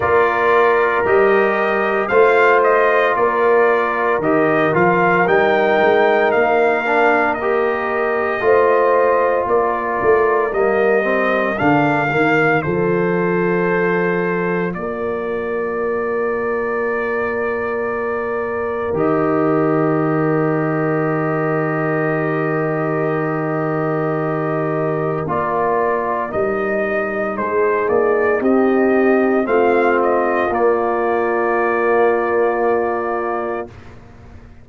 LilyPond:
<<
  \new Staff \with { instrumentName = "trumpet" } { \time 4/4 \tempo 4 = 57 d''4 dis''4 f''8 dis''8 d''4 | dis''8 f''8 g''4 f''4 dis''4~ | dis''4 d''4 dis''4 f''4 | c''2 d''2~ |
d''2 dis''2~ | dis''1 | d''4 dis''4 c''8 d''8 dis''4 | f''8 dis''8 d''2. | }
  \new Staff \with { instrumentName = "horn" } { \time 4/4 ais'2 c''4 ais'4~ | ais'1 | c''4 ais'2. | a'2 ais'2~ |
ais'1~ | ais'1~ | ais'2 gis'4 g'4 | f'1 | }
  \new Staff \with { instrumentName = "trombone" } { \time 4/4 f'4 g'4 f'2 | g'8 f'8 dis'4. d'8 g'4 | f'2 ais8 c'8 d'8 ais8 | f'1~ |
f'2 g'2~ | g'1 | f'4 dis'2. | c'4 ais2. | }
  \new Staff \with { instrumentName = "tuba" } { \time 4/4 ais4 g4 a4 ais4 | dis8 f8 g8 gis8 ais2 | a4 ais8 a8 g4 d8 dis8 | f2 ais2~ |
ais2 dis2~ | dis1 | ais4 g4 gis8 ais8 c'4 | a4 ais2. | }
>>